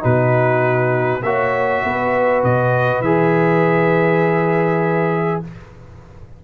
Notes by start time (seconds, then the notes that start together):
0.00 B2 D#4 F#4 B4
1.23 A#3 F#4 C#5 E5
1.83 B3 B4
2.43 B2 D#5
3.01 E3 G#4 E5